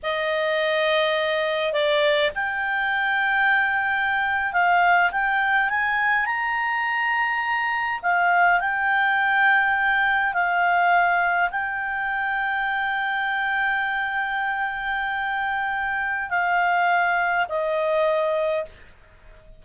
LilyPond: \new Staff \with { instrumentName = "clarinet" } { \time 4/4 \tempo 4 = 103 dis''2. d''4 | g''2.~ g''8. f''16~ | f''8. g''4 gis''4 ais''4~ ais''16~ | ais''4.~ ais''16 f''4 g''4~ g''16~ |
g''4.~ g''16 f''2 g''16~ | g''1~ | g''1 | f''2 dis''2 | }